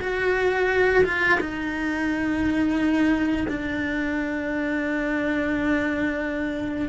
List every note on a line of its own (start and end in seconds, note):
0.00 1.03 F#4
1.04 1.38 F4
1.39 3.46 D#4
3.48 6.89 D4